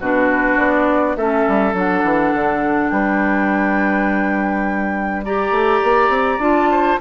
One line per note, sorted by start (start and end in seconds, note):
0.00 0.58 B2
0.00 1.18 D4
0.00 1.17 F#4
0.00 0.57 B4
0.57 1.16 B3
0.57 1.16 D5
1.16 1.45 A3
1.16 1.74 C#4
1.16 2.92 A4
1.16 1.75 E5
1.48 1.74 G3
1.74 2.03 F#3
1.74 5.24 D4
1.74 2.90 F#5
2.04 2.33 E3
2.34 2.91 D3
2.90 5.51 G3
2.90 5.25 B4
2.90 5.23 G5
5.25 6.41 G4
5.25 6.71 D5
5.25 6.41 A#5
5.51 5.80 A3
5.83 6.09 A#3
6.09 6.38 C4
6.39 6.97 D4
6.39 6.99 F4
6.39 6.99 A5
6.71 7.00 C5